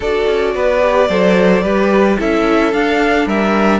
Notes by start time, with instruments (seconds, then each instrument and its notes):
0.00 cello D4, viola F#4, violin A4 D5
0.27 cello C#4
0.54 cello B3, violin B4
0.81 viola G4
1.08 cello F#3, viola A4, violin C5
1.63 cello G3, viola G4, violin B4
2.18 cello C#4, viola E4, violin A4 E5
2.72 cello D4, viola D4, violin F5
3.26 cello G3, violin A#4 E5